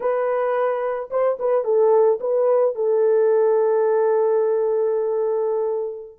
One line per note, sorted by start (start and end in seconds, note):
0.00 1.09 B4
1.10 1.38 C5
1.39 1.64 B4
1.64 2.19 A4
2.20 2.75 B4
2.75 6.18 A4